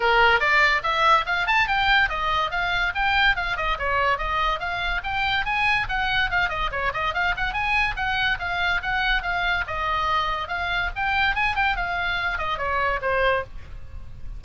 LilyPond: \new Staff \with { instrumentName = "oboe" } { \time 4/4 \tempo 4 = 143 ais'4 d''4 e''4 f''8 a''8 | g''4 dis''4 f''4 g''4 | f''8 dis''8 cis''4 dis''4 f''4 | g''4 gis''4 fis''4 f''8 dis''8 |
cis''8 dis''8 f''8 fis''8 gis''4 fis''4 | f''4 fis''4 f''4 dis''4~ | dis''4 f''4 g''4 gis''8 g''8 | f''4. dis''8 cis''4 c''4 | }